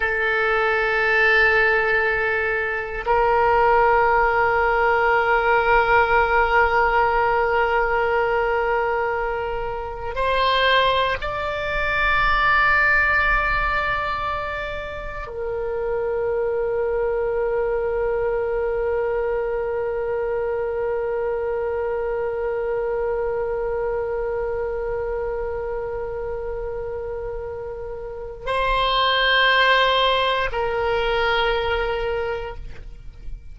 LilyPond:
\new Staff \with { instrumentName = "oboe" } { \time 4/4 \tempo 4 = 59 a'2. ais'4~ | ais'1~ | ais'2 c''4 d''4~ | d''2. ais'4~ |
ais'1~ | ais'1~ | ais'1 | c''2 ais'2 | }